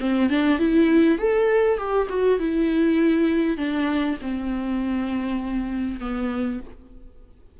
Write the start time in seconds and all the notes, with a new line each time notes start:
0.00 C4
0.30 D4
0.59 E4
1.18 A4
1.78 G4
2.09 F#4
2.39 E4
3.57 D4
4.21 C4
6.00 B3